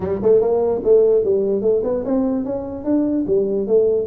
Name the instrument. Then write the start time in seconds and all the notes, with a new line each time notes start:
tuba
0.00 G3
0.22 A3
0.41 A#3
0.83 A3
1.24 G3
1.61 A3
1.83 B3
2.04 C4
2.44 C#4
2.84 D4
3.27 G3
3.67 A3